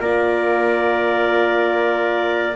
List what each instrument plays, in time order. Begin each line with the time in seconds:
0.00 double bass A#3, horn F4, trumpet A#4, clarinet D5